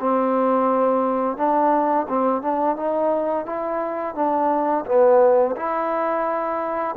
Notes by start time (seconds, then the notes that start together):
0.00 C4
1.37 D4
2.09 C4
2.42 D4
2.77 D#4
3.46 E4
4.15 D4
4.86 B3
5.56 E4